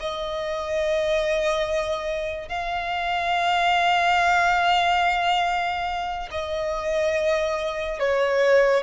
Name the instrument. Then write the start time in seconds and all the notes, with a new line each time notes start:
violin
0.00 D#5
2.49 F5
6.31 D#5
8.00 C#5